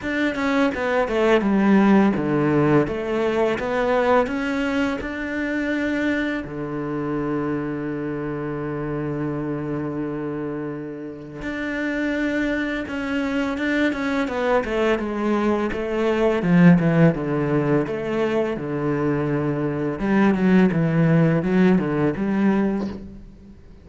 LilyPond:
\new Staff \with { instrumentName = "cello" } { \time 4/4 \tempo 4 = 84 d'8 cis'8 b8 a8 g4 d4 | a4 b4 cis'4 d'4~ | d'4 d2.~ | d1 |
d'2 cis'4 d'8 cis'8 | b8 a8 gis4 a4 f8 e8 | d4 a4 d2 | g8 fis8 e4 fis8 d8 g4 | }